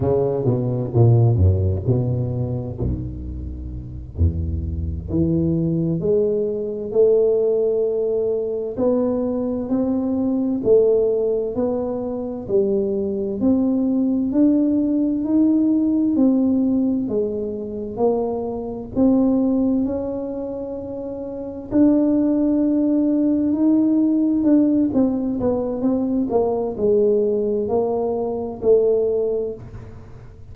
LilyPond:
\new Staff \with { instrumentName = "tuba" } { \time 4/4 \tempo 4 = 65 cis8 b,8 ais,8 fis,8 b,4 b,,4~ | b,,8 e,4 e4 gis4 a8~ | a4. b4 c'4 a8~ | a8 b4 g4 c'4 d'8~ |
d'8 dis'4 c'4 gis4 ais8~ | ais8 c'4 cis'2 d'8~ | d'4. dis'4 d'8 c'8 b8 | c'8 ais8 gis4 ais4 a4 | }